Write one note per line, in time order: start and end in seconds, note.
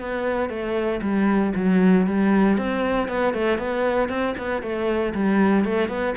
0.00 0.49 B3
0.49 1.01 A3
1.02 1.53 G3
1.55 2.07 F#3
2.07 2.58 G3
2.58 3.08 C4
3.08 3.34 B3
3.34 3.58 A3
3.58 4.09 B3
4.09 4.35 C4
4.38 4.62 B3
4.62 5.14 A3
5.14 5.65 G3
5.65 5.89 A3
5.89 6.14 B3